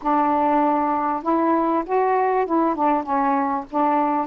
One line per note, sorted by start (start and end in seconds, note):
0.02 1.22 D4
1.22 1.84 E4
1.86 2.46 F#4
2.46 2.75 E4
2.75 3.03 D4
3.03 3.64 C#4
3.70 4.27 D4